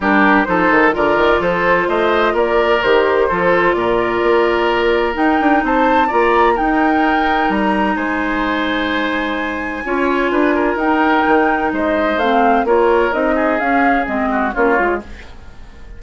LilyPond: <<
  \new Staff \with { instrumentName = "flute" } { \time 4/4 \tempo 4 = 128 ais'4 c''4 d''4 c''4 | dis''4 d''4 c''2 | d''2. g''4 | a''4 ais''4 g''2 |
ais''4 gis''2.~ | gis''2. g''4~ | g''4 dis''4 f''4 cis''4 | dis''4 f''4 dis''4 cis''4 | }
  \new Staff \with { instrumentName = "oboe" } { \time 4/4 g'4 a'4 ais'4 a'4 | c''4 ais'2 a'4 | ais'1 | c''4 d''4 ais'2~ |
ais'4 c''2.~ | c''4 cis''4 b'8 ais'4.~ | ais'4 c''2 ais'4~ | ais'8 gis'2 fis'8 f'4 | }
  \new Staff \with { instrumentName = "clarinet" } { \time 4/4 d'4 dis'4 f'2~ | f'2 g'4 f'4~ | f'2. dis'4~ | dis'4 f'4 dis'2~ |
dis'1~ | dis'4 f'2 dis'4~ | dis'2 c'4 f'4 | dis'4 cis'4 c'4 cis'8 f'8 | }
  \new Staff \with { instrumentName = "bassoon" } { \time 4/4 g4 f8 dis8 d8 dis8 f4 | a4 ais4 dis4 f4 | ais,4 ais2 dis'8 d'8 | c'4 ais4 dis'2 |
g4 gis2.~ | gis4 cis'4 d'4 dis'4 | dis4 gis4 a4 ais4 | c'4 cis'4 gis4 ais8 gis8 | }
>>